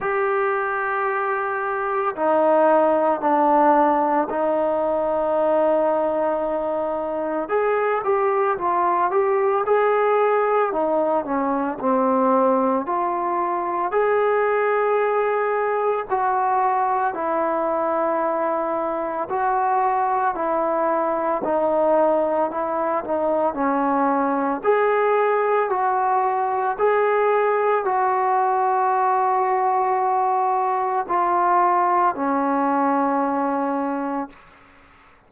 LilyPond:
\new Staff \with { instrumentName = "trombone" } { \time 4/4 \tempo 4 = 56 g'2 dis'4 d'4 | dis'2. gis'8 g'8 | f'8 g'8 gis'4 dis'8 cis'8 c'4 | f'4 gis'2 fis'4 |
e'2 fis'4 e'4 | dis'4 e'8 dis'8 cis'4 gis'4 | fis'4 gis'4 fis'2~ | fis'4 f'4 cis'2 | }